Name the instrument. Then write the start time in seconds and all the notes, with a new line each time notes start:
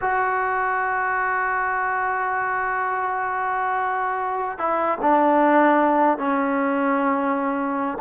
trombone
0.01 F#4
4.58 E4
5.01 D4
6.18 C#4